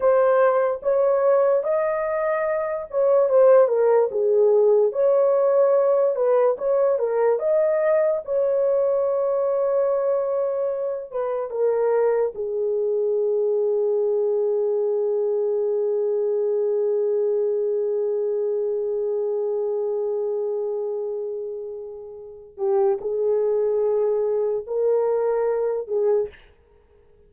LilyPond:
\new Staff \with { instrumentName = "horn" } { \time 4/4 \tempo 4 = 73 c''4 cis''4 dis''4. cis''8 | c''8 ais'8 gis'4 cis''4. b'8 | cis''8 ais'8 dis''4 cis''2~ | cis''4. b'8 ais'4 gis'4~ |
gis'1~ | gis'1~ | gis'2.~ gis'8 g'8 | gis'2 ais'4. gis'8 | }